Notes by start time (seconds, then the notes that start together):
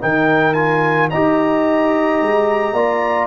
0.00 D#3 D#4 A#4 G5
0.53 F4 G#5
1.10 D#4 G4 D#5 A#5
2.21 G#3
2.73 A#3 F4 D5